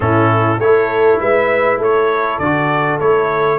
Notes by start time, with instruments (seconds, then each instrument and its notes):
0.00 tuba A2, trombone C#4, horn E4, trumpet A4
0.58 tuba A3, trombone E4, trumpet C#5
0.64 horn A4
1.20 tuba G#3, horn B4, trumpet E5
1.78 tuba A3, horn A4, trumpet C#5
2.38 tuba D3, trombone F#4, trumpet D5
3.00 tuba A3, trombone E4, trumpet C#5